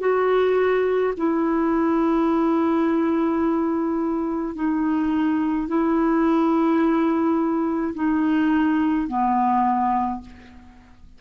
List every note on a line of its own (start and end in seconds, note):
0.00 1.13 F#4
1.17 4.55 E4
4.55 5.68 D#4
5.68 7.94 E4
7.95 9.08 D#4
9.08 10.21 B3